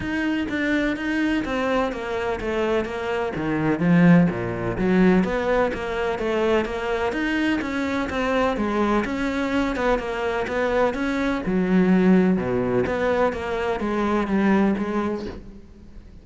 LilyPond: \new Staff \with { instrumentName = "cello" } { \time 4/4 \tempo 4 = 126 dis'4 d'4 dis'4 c'4 | ais4 a4 ais4 dis4 | f4 ais,4 fis4 b4 | ais4 a4 ais4 dis'4 |
cis'4 c'4 gis4 cis'4~ | cis'8 b8 ais4 b4 cis'4 | fis2 b,4 b4 | ais4 gis4 g4 gis4 | }